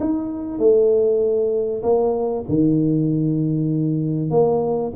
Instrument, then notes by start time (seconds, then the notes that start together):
tuba
0.00 D#4
0.59 A3
1.82 A#3
2.48 D#3
4.30 A#3